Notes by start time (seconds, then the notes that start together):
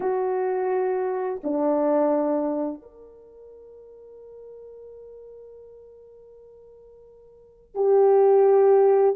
0.00 F#4
1.43 D4
2.82 A#4
7.75 G4